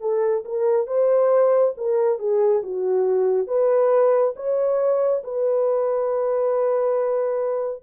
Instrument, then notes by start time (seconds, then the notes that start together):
horn
0.00 A4
0.44 A#4
0.87 C5
1.77 A#4
2.19 G#4
2.62 F#4
3.47 B4
4.36 C#5
5.23 B4